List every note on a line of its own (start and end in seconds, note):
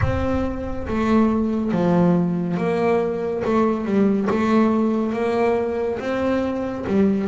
0.01 0.86 C4
0.87 1.71 A3
1.71 2.57 F3
2.57 3.42 A#3
3.44 3.85 A3
3.85 4.27 G3
4.30 5.12 A3
5.12 5.98 A#3
5.99 6.85 C4
6.86 7.27 G3